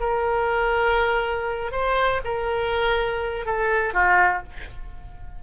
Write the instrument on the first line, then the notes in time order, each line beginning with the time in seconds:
oboe
0.00 A#4
1.72 C5
2.24 A#4
3.46 A4
3.93 F4